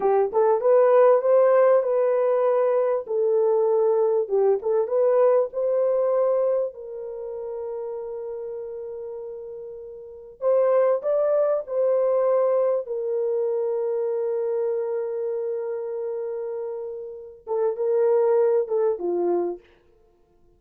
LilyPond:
\new Staff \with { instrumentName = "horn" } { \time 4/4 \tempo 4 = 98 g'8 a'8 b'4 c''4 b'4~ | b'4 a'2 g'8 a'8 | b'4 c''2 ais'4~ | ais'1~ |
ais'4 c''4 d''4 c''4~ | c''4 ais'2.~ | ais'1~ | ais'8 a'8 ais'4. a'8 f'4 | }